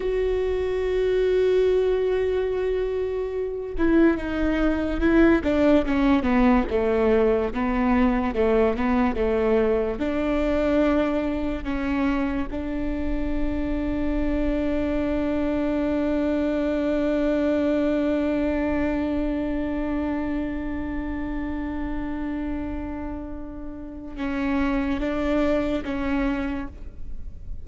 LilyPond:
\new Staff \with { instrumentName = "viola" } { \time 4/4 \tempo 4 = 72 fis'1~ | fis'8 e'8 dis'4 e'8 d'8 cis'8 b8 | a4 b4 a8 b8 a4 | d'2 cis'4 d'4~ |
d'1~ | d'1~ | d'1~ | d'4 cis'4 d'4 cis'4 | }